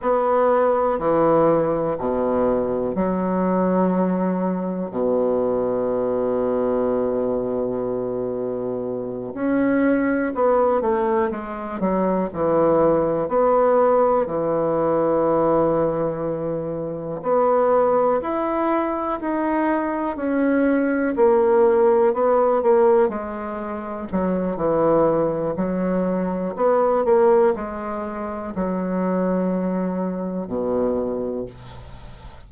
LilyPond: \new Staff \with { instrumentName = "bassoon" } { \time 4/4 \tempo 4 = 61 b4 e4 b,4 fis4~ | fis4 b,2.~ | b,4. cis'4 b8 a8 gis8 | fis8 e4 b4 e4.~ |
e4. b4 e'4 dis'8~ | dis'8 cis'4 ais4 b8 ais8 gis8~ | gis8 fis8 e4 fis4 b8 ais8 | gis4 fis2 b,4 | }